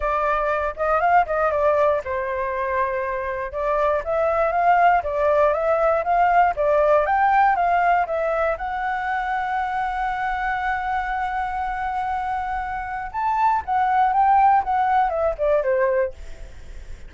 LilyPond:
\new Staff \with { instrumentName = "flute" } { \time 4/4 \tempo 4 = 119 d''4. dis''8 f''8 dis''8 d''4 | c''2. d''4 | e''4 f''4 d''4 e''4 | f''4 d''4 g''4 f''4 |
e''4 fis''2.~ | fis''1~ | fis''2 a''4 fis''4 | g''4 fis''4 e''8 d''8 c''4 | }